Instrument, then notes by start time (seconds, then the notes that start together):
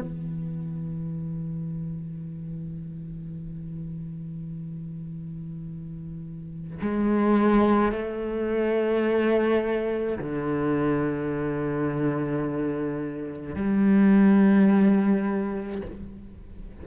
cello
0.00 E3
6.81 G#3
7.92 A3
10.19 D3
13.55 G3